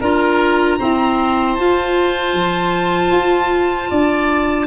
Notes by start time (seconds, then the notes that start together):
0.00 D4 F4 A#4 A#5
0.79 C4 E4 C5
1.55 F4 A5
2.33 F3
3.11 F4
3.90 D4 D5